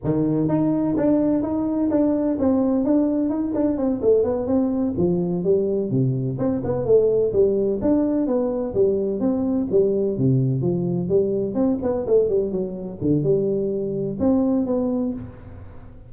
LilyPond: \new Staff \with { instrumentName = "tuba" } { \time 4/4 \tempo 4 = 127 dis4 dis'4 d'4 dis'4 | d'4 c'4 d'4 dis'8 d'8 | c'8 a8 b8 c'4 f4 g8~ | g8 c4 c'8 b8 a4 g8~ |
g8 d'4 b4 g4 c'8~ | c'8 g4 c4 f4 g8~ | g8 c'8 b8 a8 g8 fis4 d8 | g2 c'4 b4 | }